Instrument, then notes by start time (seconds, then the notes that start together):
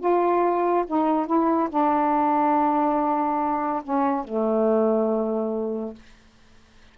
saxophone
0.00 F4
0.87 D#4
1.27 E4
1.70 D4
3.84 C#4
4.25 A3